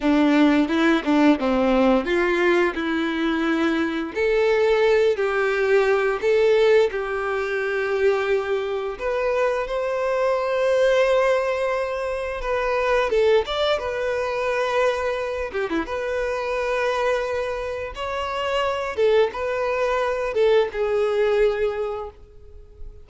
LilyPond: \new Staff \with { instrumentName = "violin" } { \time 4/4 \tempo 4 = 87 d'4 e'8 d'8 c'4 f'4 | e'2 a'4. g'8~ | g'4 a'4 g'2~ | g'4 b'4 c''2~ |
c''2 b'4 a'8 d''8 | b'2~ b'8 g'16 e'16 b'4~ | b'2 cis''4. a'8 | b'4. a'8 gis'2 | }